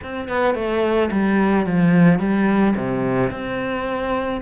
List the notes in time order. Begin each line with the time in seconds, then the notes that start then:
0.03 C4
0.28 B3
0.54 A3
1.11 G3
1.65 F3
2.19 G3
2.76 C3
3.30 C4